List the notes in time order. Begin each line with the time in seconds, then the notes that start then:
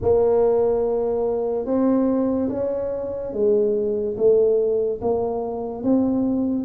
0.01 A#3
1.65 C4
2.49 C#4
3.32 G#3
4.17 A3
5.01 A#3
5.83 C4